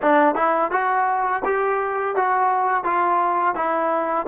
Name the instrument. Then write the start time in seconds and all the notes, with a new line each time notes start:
trombone
0.02 D4
0.35 E4
0.71 F#4
1.44 G4
2.15 F#4
2.84 F4
3.55 E4